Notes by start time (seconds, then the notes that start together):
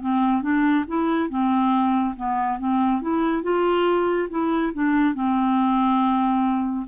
0.00 C4
0.42 D4
0.87 E4
1.29 C4
2.16 B3
2.58 C4
3.01 E4
3.42 F4
4.30 E4
4.73 D4
5.14 C4